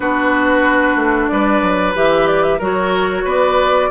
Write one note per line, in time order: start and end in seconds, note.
0.00 0.95 B3
0.00 1.94 D4
0.00 1.31 F#4
0.00 1.28 B4
0.95 1.28 A3
1.28 1.62 G3
1.28 2.58 B4
1.28 1.93 D5
1.62 1.94 F#3
1.95 2.59 E3
1.95 2.60 G4
1.95 2.26 E5
2.26 2.43 D5
2.43 2.59 E5
2.58 3.24 F#3
2.58 3.90 F#4
2.58 3.23 A#4
2.65 3.28 C#5
3.24 3.90 B3
3.24 3.89 B4
3.24 3.90 D5